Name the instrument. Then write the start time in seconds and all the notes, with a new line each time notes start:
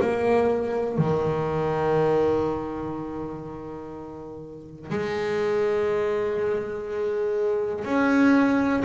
double bass
0.00 A#3
0.97 D#3
4.90 G#3
7.85 C#4